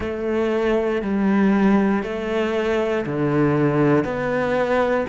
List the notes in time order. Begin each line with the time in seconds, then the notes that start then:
0.00 A3
1.02 G3
2.03 A3
3.06 D3
4.04 B3